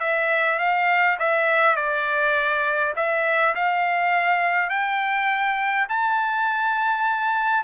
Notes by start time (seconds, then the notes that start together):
0.00 E5
0.59 F5
1.19 E5
1.76 D5
2.96 E5
3.55 F5
4.70 G5
5.89 A5